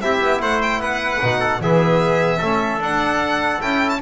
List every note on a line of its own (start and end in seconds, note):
0.00 0.20 C4
0.00 1.22 E4
0.00 0.41 G4
0.00 0.41 E5
0.21 0.41 B3
0.41 0.78 A3
0.41 0.81 C5
0.41 0.61 F#5
0.62 0.81 G5
0.78 1.18 B3
0.78 1.39 B4
0.78 1.61 F#5
1.22 1.60 B2
1.22 1.62 D#4
1.39 1.59 A4
1.60 2.40 E3
1.60 2.42 B3
1.60 2.38 G#4
1.60 2.82 E5
2.38 2.79 A3
2.38 2.81 C#4
2.38 3.98 A4
2.79 3.59 D4
2.79 3.61 D4
2.79 3.61 F#5
3.61 4.02 C#4
3.61 4.01 E4
3.61 3.89 G5
3.89 3.99 A5